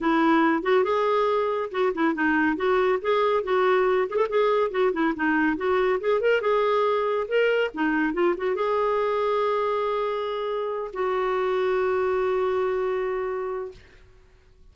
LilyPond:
\new Staff \with { instrumentName = "clarinet" } { \time 4/4 \tempo 4 = 140 e'4. fis'8 gis'2 | fis'8 e'8 dis'4 fis'4 gis'4 | fis'4. gis'16 a'16 gis'4 fis'8 e'8 | dis'4 fis'4 gis'8 ais'8 gis'4~ |
gis'4 ais'4 dis'4 f'8 fis'8 | gis'1~ | gis'4. fis'2~ fis'8~ | fis'1 | }